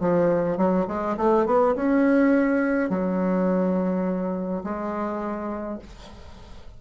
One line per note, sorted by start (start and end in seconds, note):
0.00 0.57 F3
0.57 0.86 F#3
0.88 1.16 G#3
1.17 1.46 A3
1.46 1.75 B3
1.75 2.90 C#4
2.90 4.63 F#3
4.63 5.79 G#3